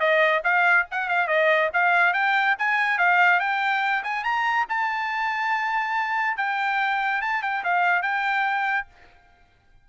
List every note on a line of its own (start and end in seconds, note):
0.00 0.42 D#5
0.44 0.86 F5
0.91 1.09 F#5
1.09 1.28 F5
1.28 1.70 D#5
1.74 2.14 F5
2.14 2.56 G5
2.59 2.98 G#5
2.98 3.40 F5
3.40 4.03 G5
4.04 4.24 G#5
4.24 4.66 A#5
4.69 6.37 A5
6.37 7.22 G5
7.22 7.43 A5
7.43 7.64 G5
7.64 8.03 F5
8.03 8.87 G5